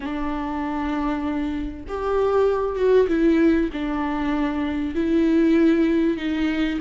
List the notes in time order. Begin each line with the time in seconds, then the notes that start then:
0.00 D4
1.88 G4
2.76 F#4
3.08 E4
3.72 D4
4.94 E4
6.17 D#4